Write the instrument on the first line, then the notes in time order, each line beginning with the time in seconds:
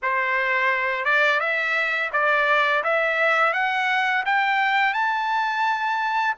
trumpet
0.02 C5
1.04 D5
1.39 E5
2.12 D5
2.83 E5
3.53 F#5
4.25 G5
4.93 A5